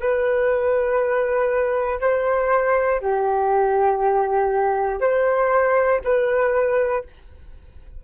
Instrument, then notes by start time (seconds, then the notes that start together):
flute
0.00 B4
2.01 C5
3.01 G4
5.00 C5
6.04 B4